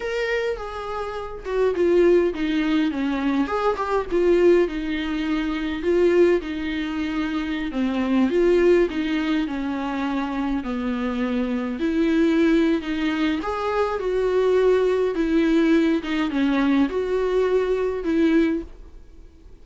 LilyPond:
\new Staff \with { instrumentName = "viola" } { \time 4/4 \tempo 4 = 103 ais'4 gis'4. fis'8 f'4 | dis'4 cis'4 gis'8 g'8 f'4 | dis'2 f'4 dis'4~ | dis'4~ dis'16 c'4 f'4 dis'8.~ |
dis'16 cis'2 b4.~ b16~ | b16 e'4.~ e'16 dis'4 gis'4 | fis'2 e'4. dis'8 | cis'4 fis'2 e'4 | }